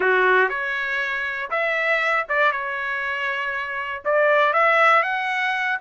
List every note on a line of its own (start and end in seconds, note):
0.00 0.49 F#4
0.49 1.50 C#5
1.50 2.26 E5
2.28 2.52 D5
2.52 4.03 C#5
4.04 4.53 D5
4.53 5.02 E5
5.02 5.78 F#5